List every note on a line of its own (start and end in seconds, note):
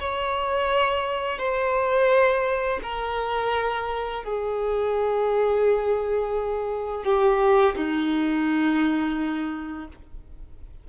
0.00 1.39 C#5
1.39 2.80 C5
2.83 4.24 A#4
4.24 7.05 G#4
7.05 7.76 G4
7.76 9.88 D#4